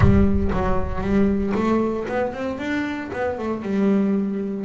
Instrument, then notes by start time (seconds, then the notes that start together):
double bass
0.00 G3
0.52 F#3
1.01 G3
1.54 A3
2.08 B3
2.33 C4
2.58 D4
3.12 B3
3.38 A3
3.62 G3